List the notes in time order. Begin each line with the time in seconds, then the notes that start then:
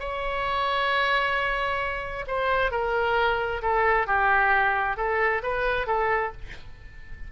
0.00 C#5
2.28 C5
2.71 A#4
3.63 A4
4.07 G4
4.97 A4
5.43 B4
5.87 A4